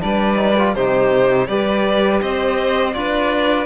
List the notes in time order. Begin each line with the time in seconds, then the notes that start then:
0.00 G3 D4 B4 D5
0.36 D#4
0.58 F4
0.74 C3 D#4 G4 C5
1.47 G3 G4 B4 D5
2.21 C4 C5 D#5
2.93 D4 F4 B4 D5